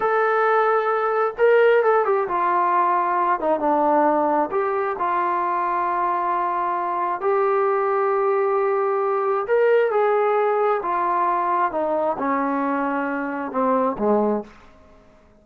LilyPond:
\new Staff \with { instrumentName = "trombone" } { \time 4/4 \tempo 4 = 133 a'2. ais'4 | a'8 g'8 f'2~ f'8 dis'8 | d'2 g'4 f'4~ | f'1 |
g'1~ | g'4 ais'4 gis'2 | f'2 dis'4 cis'4~ | cis'2 c'4 gis4 | }